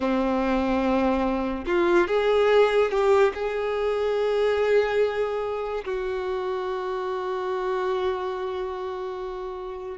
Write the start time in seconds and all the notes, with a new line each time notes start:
0.00 C4
1.66 F4
2.07 G#4
2.91 G4
3.34 G#4
5.84 F#4